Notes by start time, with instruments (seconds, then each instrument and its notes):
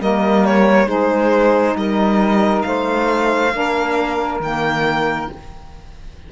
0.00 cello G3, saxophone A#3 A#4, violin D#5
0.45 violin C#5
0.86 cello G#3, saxophone D#4 G#4, violin C5
1.75 cello G3, saxophone A#4, violin D#5
2.62 cello A3, saxophone C5, violin F5
3.52 cello A#3, saxophone D4 A#4
4.40 cello D#3, saxophone A#3, violin G5